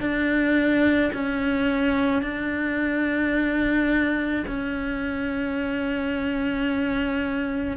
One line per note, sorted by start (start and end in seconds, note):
0.00 1.11 D4
1.13 2.22 C#4
2.22 4.44 D4
4.47 7.77 C#4